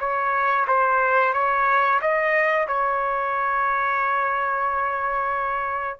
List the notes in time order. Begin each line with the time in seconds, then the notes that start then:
0.00 C#5
0.68 C5
1.34 C#5
2.02 D#5
2.68 C#5